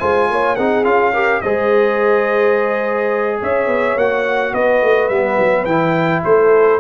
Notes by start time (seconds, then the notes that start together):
0.00 G#3 F4 C5 G#5
0.30 A#3 C#5
0.56 C4 D#4 G#4 F#5
0.85 C#4 F4 F5
1.14 G4 A#4
1.42 G#3 G#4 C5 D#5
3.41 C#4 C#5 E5
3.67 B3
3.96 A#3 F#4 F#5
4.53 B3 B4 D#5
4.83 A3
5.09 G3 B3 E5
5.40 F#3
5.66 E3 E4 G5
6.25 A3 A4 C5